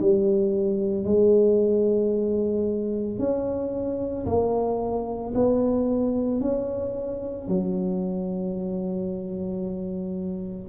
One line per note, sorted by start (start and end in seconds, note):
0.00 1.05 G3
1.05 3.19 G#3
3.19 4.26 C#4
4.26 5.33 A#3
5.34 6.41 B3
6.41 7.48 C#4
7.48 10.69 F#3